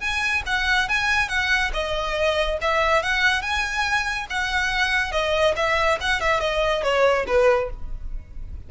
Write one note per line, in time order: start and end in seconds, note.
0.00 0.43 G#5
0.46 0.88 F#5
0.88 1.28 G#5
1.28 1.71 F#5
1.73 2.58 D#5
2.61 3.03 E5
3.03 3.42 F#5
3.42 4.27 G#5
4.30 5.12 F#5
5.12 5.54 D#5
5.56 5.99 E5
6.01 6.20 F#5
6.20 6.40 E5
6.40 6.83 D#5
6.83 7.26 C#5
7.27 7.70 B4